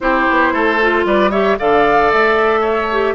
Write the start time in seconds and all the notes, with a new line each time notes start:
0.00 C4 E4 G4 C5
0.29 B3
0.52 A3 A4
0.81 F4
1.04 G3 B4 D5
1.30 G4 C#5 E5
1.58 D3 A4 D5 F5
2.11 A3 E5
2.61 C#5
2.91 G4